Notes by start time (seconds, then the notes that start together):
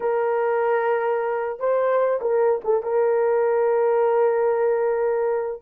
0.00 A#4
1.59 C5
2.21 A#4
2.64 A4
2.83 A#4